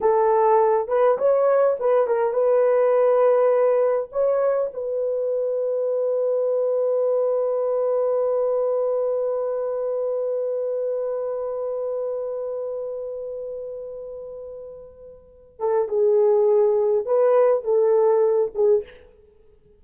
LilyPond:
\new Staff \with { instrumentName = "horn" } { \time 4/4 \tempo 4 = 102 a'4. b'8 cis''4 b'8 ais'8 | b'2. cis''4 | b'1~ | b'1~ |
b'1~ | b'1~ | b'2~ b'8 a'8 gis'4~ | gis'4 b'4 a'4. gis'8 | }